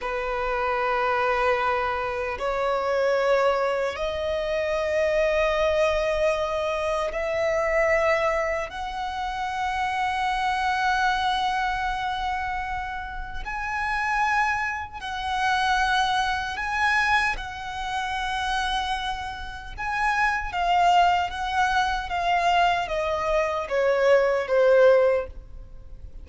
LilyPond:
\new Staff \with { instrumentName = "violin" } { \time 4/4 \tempo 4 = 76 b'2. cis''4~ | cis''4 dis''2.~ | dis''4 e''2 fis''4~ | fis''1~ |
fis''4 gis''2 fis''4~ | fis''4 gis''4 fis''2~ | fis''4 gis''4 f''4 fis''4 | f''4 dis''4 cis''4 c''4 | }